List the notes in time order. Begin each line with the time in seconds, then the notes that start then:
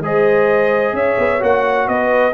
0.00 G#3 G#4 C5 D#5
0.93 C#4 C#5 E5
1.18 B3
1.40 A#3 F#4 F#5
1.88 B3 B4 D#5